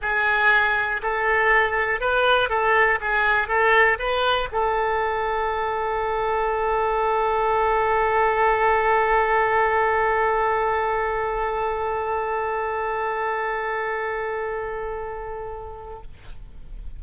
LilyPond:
\new Staff \with { instrumentName = "oboe" } { \time 4/4 \tempo 4 = 120 gis'2 a'2 | b'4 a'4 gis'4 a'4 | b'4 a'2.~ | a'1~ |
a'1~ | a'1~ | a'1~ | a'1 | }